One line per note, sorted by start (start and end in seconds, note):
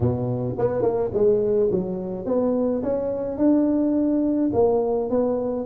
0.00 0.55 B2
0.58 0.82 B3
0.82 1.10 A#3
1.13 1.70 G#3
1.71 2.25 F#3
2.25 2.82 B3
2.82 3.37 C#4
3.37 4.51 D4
4.53 5.09 A#3
5.09 5.66 B3